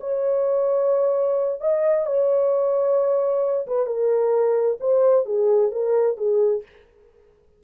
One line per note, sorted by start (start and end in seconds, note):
0.00 1.60 C#5
1.60 2.06 D#5
2.06 3.66 C#5
3.67 3.86 B4
3.86 4.78 A#4
4.80 5.25 C5
5.25 5.71 G#4
5.71 6.17 A#4
6.17 6.62 G#4